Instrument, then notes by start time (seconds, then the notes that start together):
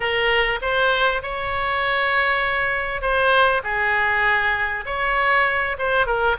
oboe
0.00 A#4
0.61 C5
1.22 C#5
3.01 C5
3.63 G#4
4.85 C#5
5.78 C5
6.06 A#4